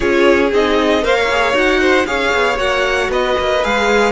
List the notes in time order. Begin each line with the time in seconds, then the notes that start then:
0.00 C#4 F4 G#4 C#5
0.52 C4 D#4 D#5
1.02 A#3 A#4 C5 F5
1.15 C#5
1.30 G#4
1.53 D#4 F#4 F#5
1.80 C5
2.06 C#4 G#4 C#5 F5
2.33 B3
2.55 A#3 F#4 F#5
3.08 B3 B4 D#5
3.38 A#3
3.63 G#3 G#4 F5